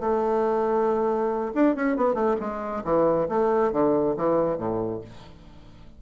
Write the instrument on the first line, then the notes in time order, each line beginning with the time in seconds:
bassoon
0.00 A3
1.55 D4
1.75 C#4
1.96 B3
2.14 A3
2.40 G#3
2.84 E3
3.28 A3
3.72 D3
4.16 E3
4.58 A2